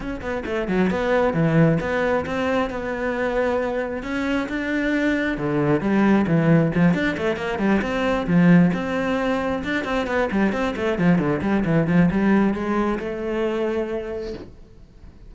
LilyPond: \new Staff \with { instrumentName = "cello" } { \time 4/4 \tempo 4 = 134 cis'8 b8 a8 fis8 b4 e4 | b4 c'4 b2~ | b4 cis'4 d'2 | d4 g4 e4 f8 d'8 |
a8 ais8 g8 c'4 f4 c'8~ | c'4. d'8 c'8 b8 g8 c'8 | a8 f8 d8 g8 e8 f8 g4 | gis4 a2. | }